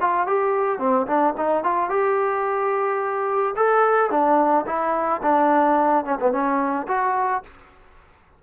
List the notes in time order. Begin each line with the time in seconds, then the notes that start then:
0.00 F4
0.27 G4
0.79 C4
1.06 D4
1.37 D#4
1.63 F4
1.89 G4
3.56 A4
4.10 D4
4.66 E4
5.22 D4
6.05 C#4
6.20 B3
6.32 C#4
6.87 F#4